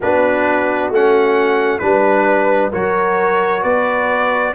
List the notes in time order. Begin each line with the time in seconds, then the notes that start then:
0.00 B3 D4 F#4 B4
0.89 A3 C#4 F#5
1.78 G3 D4 B4
2.72 F#3 F#4 A#4 C#5
3.61 B3 B4 D5